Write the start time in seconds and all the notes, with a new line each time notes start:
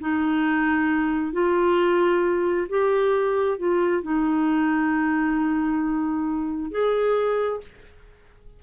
0.00 D#4
1.32 F4
2.69 G4
3.58 F4
4.02 D#4
6.71 G#4